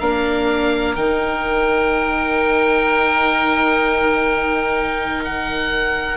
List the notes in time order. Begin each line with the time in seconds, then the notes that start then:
0.00 A#3 D4 A#4 F5
0.96 D#3 D#4 G5
5.25 F#5